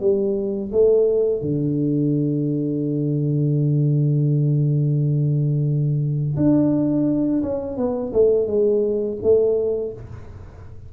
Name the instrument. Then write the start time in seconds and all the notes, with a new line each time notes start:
tuba
0.00 G3
0.72 A3
1.41 D3
6.36 D4
7.43 C#4
7.77 B3
8.13 A3
8.47 G#3
9.22 A3